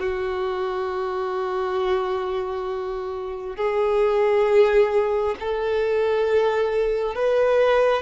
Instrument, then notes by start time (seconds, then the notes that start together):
violin
0.00 F#4
3.57 G#4
5.41 A4
7.16 B4